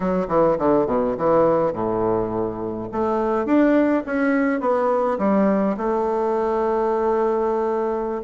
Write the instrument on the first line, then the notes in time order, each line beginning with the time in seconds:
bassoon
0.00 F#3
0.28 E3
0.58 D3
0.86 B2
1.17 E3
1.72 A2
2.91 A3
3.45 D4
4.05 C#4
4.60 B3
5.18 G3
5.77 A3